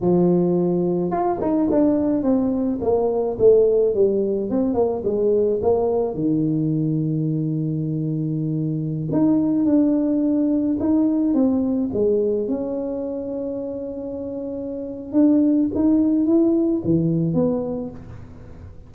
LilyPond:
\new Staff \with { instrumentName = "tuba" } { \time 4/4 \tempo 4 = 107 f2 f'8 dis'8 d'4 | c'4 ais4 a4 g4 | c'8 ais8 gis4 ais4 dis4~ | dis1~ |
dis16 dis'4 d'2 dis'8.~ | dis'16 c'4 gis4 cis'4.~ cis'16~ | cis'2. d'4 | dis'4 e'4 e4 b4 | }